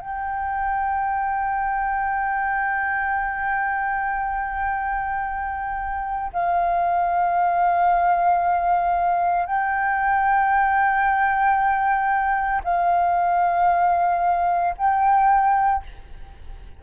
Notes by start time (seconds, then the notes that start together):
0.00 G5
6.33 F5
9.46 G5
12.64 F5
14.78 G5